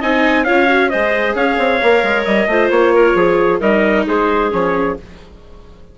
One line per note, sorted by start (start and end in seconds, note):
0.00 0.48 C4
0.00 0.46 D#4
0.00 0.45 D#5
0.00 0.45 G#5
0.45 0.94 C#4
0.45 0.68 F4
0.45 0.91 C#5
0.45 0.90 F5
0.68 0.90 F#4
0.90 1.35 G#3
0.90 1.82 G#4
0.90 1.36 C5
0.90 1.35 D#5
1.35 1.58 C#4
1.35 2.49 C#5
1.35 2.25 F5
1.58 1.81 C4
1.82 2.03 A#3
1.82 2.49 A#4
2.03 2.26 G#3
2.25 2.47 G3
2.25 2.70 D#5
2.47 2.70 A3
2.47 3.61 F4
2.47 2.94 C5
2.70 3.15 A#3
2.70 3.61 C#5
2.94 3.17 A#4
3.15 3.60 F3
3.15 3.60 G#4
3.60 4.06 G3
3.60 4.51 D#4
3.60 4.05 A#4
3.60 4.06 D#5
4.07 4.53 G#3
4.07 4.97 G#4
4.07 4.53 C5
4.51 4.98 F3
4.51 4.96 C#4
4.51 4.98 C#5